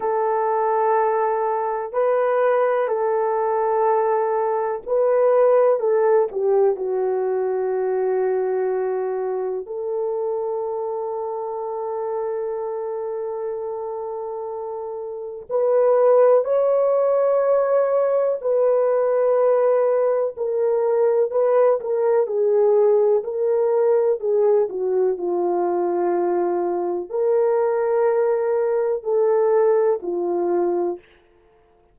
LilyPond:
\new Staff \with { instrumentName = "horn" } { \time 4/4 \tempo 4 = 62 a'2 b'4 a'4~ | a'4 b'4 a'8 g'8 fis'4~ | fis'2 a'2~ | a'1 |
b'4 cis''2 b'4~ | b'4 ais'4 b'8 ais'8 gis'4 | ais'4 gis'8 fis'8 f'2 | ais'2 a'4 f'4 | }